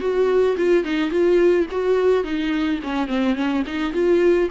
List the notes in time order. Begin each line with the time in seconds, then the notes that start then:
0.00 F#4
0.57 F4
0.84 D#4
1.10 F4
1.71 F#4
2.23 D#4
2.83 C#4
3.07 C4
3.35 C#4
3.66 D#4
3.93 F4